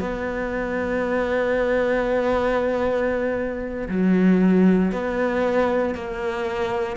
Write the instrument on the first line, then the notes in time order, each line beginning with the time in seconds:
cello
0.00 B3
3.88 F#3
4.92 B3
5.95 A#3